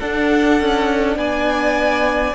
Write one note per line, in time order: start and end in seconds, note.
0.00 2.35 D4
0.00 0.61 D4
0.00 1.18 A4
0.00 1.18 F#5
0.61 1.16 C#4
1.16 2.34 B3
1.16 2.35 D5
1.16 2.35 G#5